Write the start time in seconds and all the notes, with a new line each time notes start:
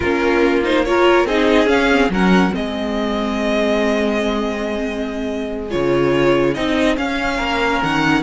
0.00 A#3 C#4 F4 A#4
0.63 D#4 C5
0.85 F4 A#4 C#5
1.25 C4 D#4 G#4 D#5
1.66 C#4 F5
1.91 C4
2.09 F#3 C#4 A#4 F#5
2.51 C4 G#4 D#5
2.57 G#3
5.70 C#3 F4 C#5
6.54 C4 D#4 D#5
6.96 C#4 F5
7.36 A#3 A#4
7.82 D#3 F#5